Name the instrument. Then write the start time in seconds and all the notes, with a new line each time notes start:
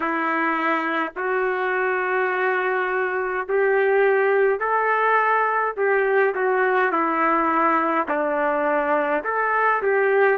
trumpet
0.00 E4
1.16 F#4
3.48 G4
4.59 A4
5.76 G4
6.35 F#4
6.91 E4
8.08 D4
9.24 A4
9.82 G4